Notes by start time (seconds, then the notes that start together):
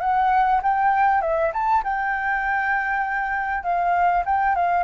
0.00 F#5
0.63 G5
1.21 E5
1.53 A5
1.83 G5
3.63 F5
4.25 G5
4.55 F5